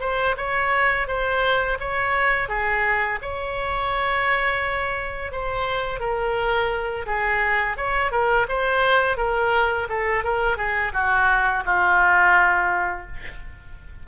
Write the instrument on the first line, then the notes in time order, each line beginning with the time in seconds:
oboe
0.00 C5
0.37 C#5
1.07 C5
1.79 C#5
2.48 G#4
3.21 C#5
5.31 C5
6.00 A#4
7.06 G#4
7.76 C#5
8.11 A#4
8.48 C5
9.17 A#4
9.89 A4
10.24 A#4
10.57 G#4
10.93 F#4
11.65 F4